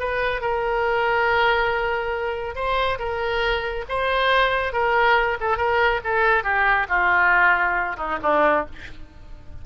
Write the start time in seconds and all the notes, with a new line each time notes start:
0.00 B4
0.41 A#4
2.55 C5
2.99 A#4
3.89 C5
4.73 A#4
5.41 A4
5.58 A#4
6.04 A4
6.44 G4
6.89 F4
7.97 D#4
8.23 D4